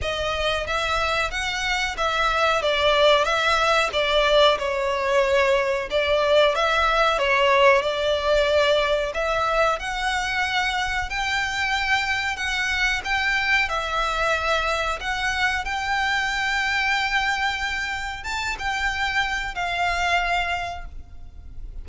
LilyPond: \new Staff \with { instrumentName = "violin" } { \time 4/4 \tempo 4 = 92 dis''4 e''4 fis''4 e''4 | d''4 e''4 d''4 cis''4~ | cis''4 d''4 e''4 cis''4 | d''2 e''4 fis''4~ |
fis''4 g''2 fis''4 | g''4 e''2 fis''4 | g''1 | a''8 g''4. f''2 | }